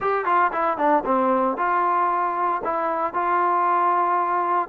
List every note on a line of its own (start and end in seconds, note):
0.00 0.25 G4
0.25 0.51 F4
0.52 0.77 E4
0.77 1.03 D4
1.05 1.57 C4
1.57 2.61 F4
2.63 3.13 E4
3.13 4.68 F4